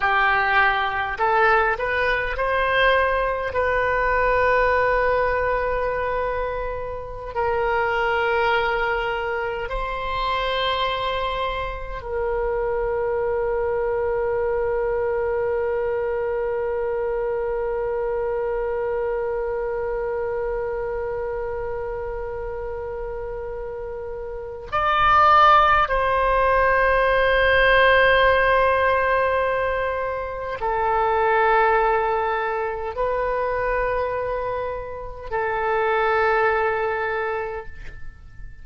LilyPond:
\new Staff \with { instrumentName = "oboe" } { \time 4/4 \tempo 4 = 51 g'4 a'8 b'8 c''4 b'4~ | b'2~ b'16 ais'4.~ ais'16~ | ais'16 c''2 ais'4.~ ais'16~ | ais'1~ |
ais'1~ | ais'4 d''4 c''2~ | c''2 a'2 | b'2 a'2 | }